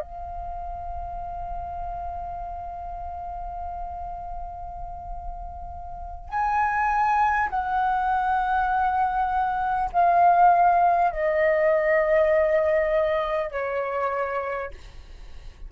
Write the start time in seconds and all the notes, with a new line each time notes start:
0.00 F5
6.29 G#5
7.49 F#5
9.92 F5
11.11 D#5
13.51 C#5